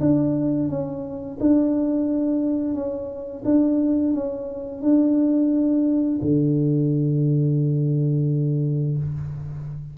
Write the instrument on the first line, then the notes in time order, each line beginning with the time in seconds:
tuba
0.00 D4
0.69 C#4
1.40 D4
2.74 C#4
3.45 D4
4.14 C#4
4.82 D4
6.22 D3